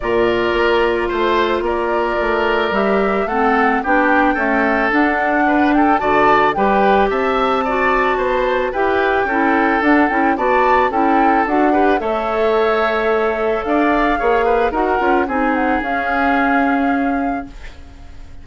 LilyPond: <<
  \new Staff \with { instrumentName = "flute" } { \time 4/4 \tempo 4 = 110 d''2 c''4 d''4~ | d''4 e''4 fis''4 g''4~ | g''4 fis''4. g''8 a''4 | g''4 a''2. |
g''2 fis''8 g''8 a''4 | g''4 fis''4 e''2~ | e''4 f''2 fis''4 | gis''8 fis''8 f''2. | }
  \new Staff \with { instrumentName = "oboe" } { \time 4/4 ais'2 c''4 ais'4~ | ais'2 a'4 g'4 | a'2 b'8 a'8 d''4 | b'4 e''4 d''4 c''4 |
b'4 a'2 d''4 | a'4. b'8 cis''2~ | cis''4 d''4 cis''8 b'8 ais'4 | gis'1 | }
  \new Staff \with { instrumentName = "clarinet" } { \time 4/4 f'1~ | f'4 g'4 c'4 d'4 | a4 d'2 fis'4 | g'2 fis'2 |
g'4 e'4 d'8 e'8 fis'4 | e'4 fis'8 g'8 a'2~ | a'2 gis'4 fis'8 f'8 | dis'4 cis'2. | }
  \new Staff \with { instrumentName = "bassoon" } { \time 4/4 ais,4 ais4 a4 ais4 | a4 g4 a4 b4 | cis'4 d'2 d4 | g4 c'2 b4 |
e'4 cis'4 d'8 cis'8 b4 | cis'4 d'4 a2~ | a4 d'4 ais4 dis'8 cis'8 | c'4 cis'2. | }
>>